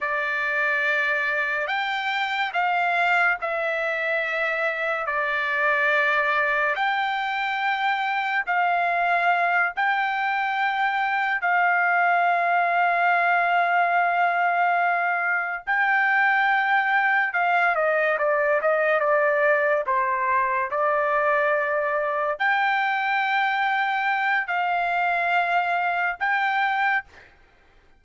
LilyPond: \new Staff \with { instrumentName = "trumpet" } { \time 4/4 \tempo 4 = 71 d''2 g''4 f''4 | e''2 d''2 | g''2 f''4. g''8~ | g''4. f''2~ f''8~ |
f''2~ f''8 g''4.~ | g''8 f''8 dis''8 d''8 dis''8 d''4 c''8~ | c''8 d''2 g''4.~ | g''4 f''2 g''4 | }